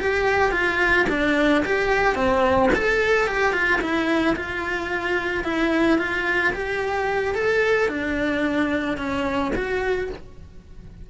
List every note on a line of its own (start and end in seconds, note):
0.00 0.52 G4
0.52 1.06 F4
1.10 1.64 D4
1.66 2.15 G4
2.15 2.70 C4
2.75 3.28 A4
3.28 3.53 G4
3.53 3.80 F4
3.81 4.36 E4
4.36 5.44 F4
5.44 5.99 E4
5.99 6.53 F4
6.54 7.35 G4
7.35 7.89 A4
7.89 8.98 D4
8.98 9.52 C#4
9.55 10.10 F#4